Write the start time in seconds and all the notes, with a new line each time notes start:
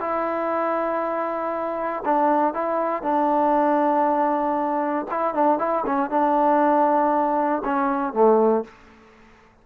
0.00 E4
2.05 D4
2.54 E4
3.03 D4
5.11 E4
5.34 D4
5.58 E4
5.86 C#4
6.10 D4
7.64 C#4
8.13 A3